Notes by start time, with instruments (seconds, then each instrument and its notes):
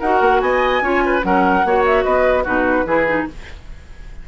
0.00 bassoon D#4, clarinet F#4, oboe A#4, flute F#5
0.21 bassoon A#3
0.40 bassoon B3, oboe D#5, flute G#5
0.81 bassoon C#4, clarinet F4, oboe C#5
1.05 oboe B4
1.22 bassoon F#3, clarinet C#4, oboe A#4, flute F#5
1.64 bassoon A#3, clarinet F#4, oboe C#5
1.86 flute E5
2.03 bassoon B3, oboe B4, flute D#5
2.44 bassoon B2, clarinet D#4, oboe F#4, flute B4
2.85 bassoon E3, clarinet E4, oboe G#4
3.07 clarinet D#4